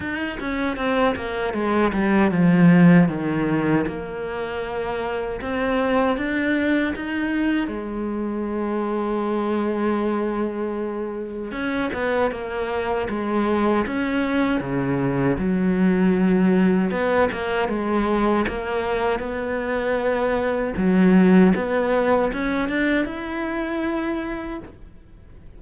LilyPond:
\new Staff \with { instrumentName = "cello" } { \time 4/4 \tempo 4 = 78 dis'8 cis'8 c'8 ais8 gis8 g8 f4 | dis4 ais2 c'4 | d'4 dis'4 gis2~ | gis2. cis'8 b8 |
ais4 gis4 cis'4 cis4 | fis2 b8 ais8 gis4 | ais4 b2 fis4 | b4 cis'8 d'8 e'2 | }